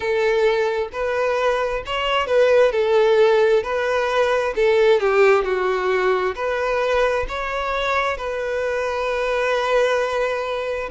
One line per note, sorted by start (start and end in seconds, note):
0.00 0.88 A4
0.92 1.83 B4
1.86 2.26 C#5
2.26 2.72 B4
2.72 3.63 A4
3.63 4.54 B4
4.55 5.00 A4
5.00 5.43 G4
5.43 6.34 F#4
6.35 7.26 B4
7.28 8.17 C#5
8.17 10.89 B4